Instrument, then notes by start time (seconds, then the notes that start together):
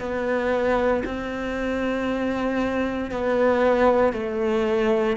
cello
0.00 B3
1.05 C4
3.11 B3
4.13 A3